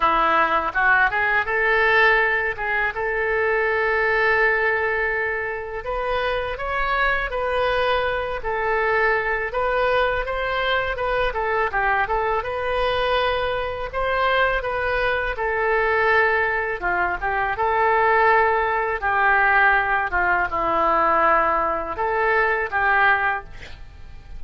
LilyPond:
\new Staff \with { instrumentName = "oboe" } { \time 4/4 \tempo 4 = 82 e'4 fis'8 gis'8 a'4. gis'8 | a'1 | b'4 cis''4 b'4. a'8~ | a'4 b'4 c''4 b'8 a'8 |
g'8 a'8 b'2 c''4 | b'4 a'2 f'8 g'8 | a'2 g'4. f'8 | e'2 a'4 g'4 | }